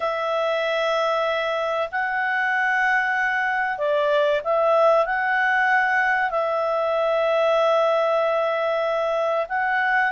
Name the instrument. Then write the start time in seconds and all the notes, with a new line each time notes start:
clarinet
0.00 E5
1.91 F#5
3.78 D5
4.44 E5
5.05 F#5
6.30 E5
9.49 F#5